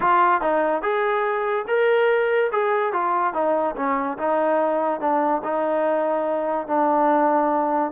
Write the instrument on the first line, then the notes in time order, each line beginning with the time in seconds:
trombone
0.00 F4
0.41 D#4
0.82 G#4
1.67 A#4
2.52 G#4
2.92 F4
3.33 D#4
3.76 C#4
4.18 D#4
5.00 D4
5.43 D#4
6.67 D4